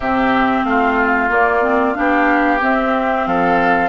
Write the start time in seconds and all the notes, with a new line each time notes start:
0.00 C3 C4 G4 E5
0.63 A3 F4 F5
1.29 A#3 D5
1.62 C4
1.94 B3 D4 G4 F5
2.60 C4 E5
3.26 F3 A4 F5